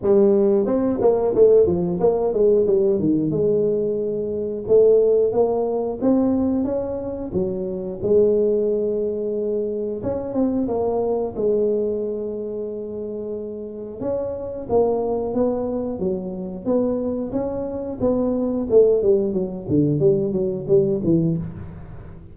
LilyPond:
\new Staff \with { instrumentName = "tuba" } { \time 4/4 \tempo 4 = 90 g4 c'8 ais8 a8 f8 ais8 gis8 | g8 dis8 gis2 a4 | ais4 c'4 cis'4 fis4 | gis2. cis'8 c'8 |
ais4 gis2.~ | gis4 cis'4 ais4 b4 | fis4 b4 cis'4 b4 | a8 g8 fis8 d8 g8 fis8 g8 e8 | }